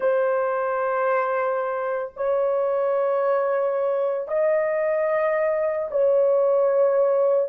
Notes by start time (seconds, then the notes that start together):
0.00 C5
2.16 C#5
4.28 D#5
5.90 C#5